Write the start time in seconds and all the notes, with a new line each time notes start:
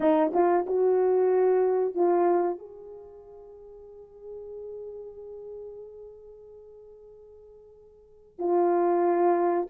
0.00 D#4
0.33 F4
0.66 F#4
1.94 F4
2.58 G#4
8.38 F4